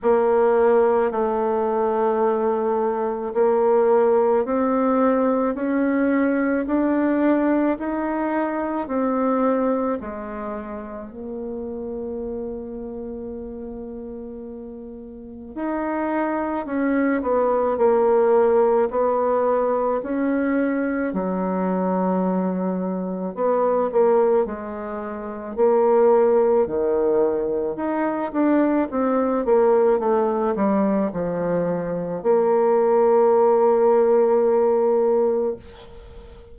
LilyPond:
\new Staff \with { instrumentName = "bassoon" } { \time 4/4 \tempo 4 = 54 ais4 a2 ais4 | c'4 cis'4 d'4 dis'4 | c'4 gis4 ais2~ | ais2 dis'4 cis'8 b8 |
ais4 b4 cis'4 fis4~ | fis4 b8 ais8 gis4 ais4 | dis4 dis'8 d'8 c'8 ais8 a8 g8 | f4 ais2. | }